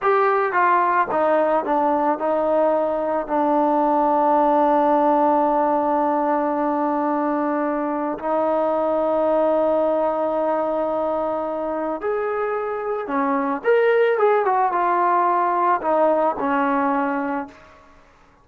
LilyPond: \new Staff \with { instrumentName = "trombone" } { \time 4/4 \tempo 4 = 110 g'4 f'4 dis'4 d'4 | dis'2 d'2~ | d'1~ | d'2. dis'4~ |
dis'1~ | dis'2 gis'2 | cis'4 ais'4 gis'8 fis'8 f'4~ | f'4 dis'4 cis'2 | }